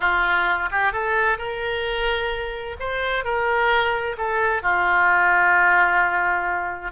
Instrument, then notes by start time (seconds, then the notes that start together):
oboe
0.00 F4
0.71 G4
0.92 A4
1.37 A#4
2.79 C5
3.24 A#4
4.17 A4
4.62 F4